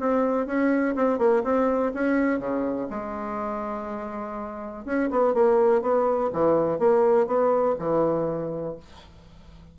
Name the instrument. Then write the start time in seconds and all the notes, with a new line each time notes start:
bassoon
0.00 C4
0.47 C#4
0.96 C4
1.19 A#3
1.44 C4
1.94 C#4
2.39 C#3
2.90 G#3
4.85 C#4
5.11 B3
5.34 A#3
5.82 B3
6.33 E3
6.79 A#3
7.27 B3
7.79 E3